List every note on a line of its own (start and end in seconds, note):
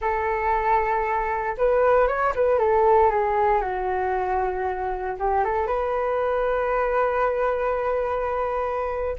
0.01 1.56 A4
1.57 2.07 B4
2.07 2.33 C#5
2.35 2.58 B4
2.58 3.10 A4
3.10 3.61 G#4
3.61 5.16 F#4
5.19 5.44 G4
5.44 5.66 A4
5.66 9.16 B4